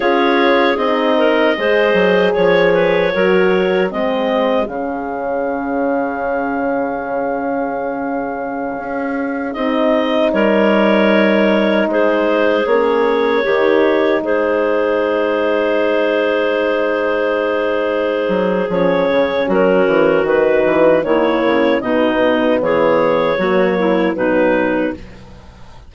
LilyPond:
<<
  \new Staff \with { instrumentName = "clarinet" } { \time 4/4 \tempo 4 = 77 cis''4 dis''2 cis''4~ | cis''4 dis''4 f''2~ | f''1~ | f''16 dis''4 cis''2 c''8.~ |
c''16 cis''2 c''4.~ c''16~ | c''1 | cis''4 ais'4 b'4 cis''4 | dis''4 cis''2 b'4 | }
  \new Staff \with { instrumentName = "clarinet" } { \time 4/4 gis'4. ais'8 c''4 cis''8 b'8 | ais'4 gis'2.~ | gis'1~ | gis'4~ gis'16 ais'2 gis'8.~ |
gis'4~ gis'16 g'4 gis'4.~ gis'16~ | gis'1~ | gis'4 fis'2 e'4 | dis'4 gis'4 fis'8 e'8 dis'4 | }
  \new Staff \with { instrumentName = "horn" } { \time 4/4 f'4 dis'4 gis'2 | fis'4 c'4 cis'2~ | cis'1~ | cis'16 dis'2.~ dis'8.~ |
dis'16 cis'4 dis'2~ dis'8.~ | dis'1 | cis'2 dis'4 ais4 | b2 ais4 fis4 | }
  \new Staff \with { instrumentName = "bassoon" } { \time 4/4 cis'4 c'4 gis8 fis8 f4 | fis4 gis4 cis2~ | cis2.~ cis16 cis'8.~ | cis'16 c'4 g2 gis8.~ |
gis16 ais4 dis4 gis4.~ gis16~ | gis2.~ gis8 fis8 | f8 cis8 fis8 e8 dis8 e8 dis8 cis8 | b,4 e4 fis4 b,4 | }
>>